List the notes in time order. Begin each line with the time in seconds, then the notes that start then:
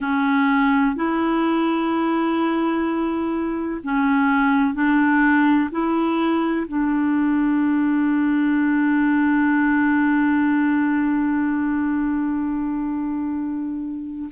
0.00 C#4
0.95 E4
3.84 C#4
4.74 D4
5.71 E4
6.67 D4